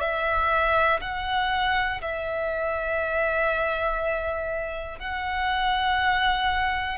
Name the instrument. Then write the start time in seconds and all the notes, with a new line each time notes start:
violin
0.00 E5
1.01 F#5
2.01 E5
4.99 F#5